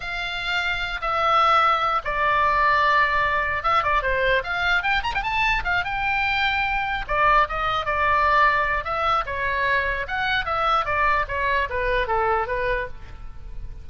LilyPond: \new Staff \with { instrumentName = "oboe" } { \time 4/4 \tempo 4 = 149 f''2~ f''8 e''4.~ | e''4 d''2.~ | d''4 e''8 d''8 c''4 f''4 | g''8 ais''16 g''16 a''4 f''8 g''4.~ |
g''4. d''4 dis''4 d''8~ | d''2 e''4 cis''4~ | cis''4 fis''4 e''4 d''4 | cis''4 b'4 a'4 b'4 | }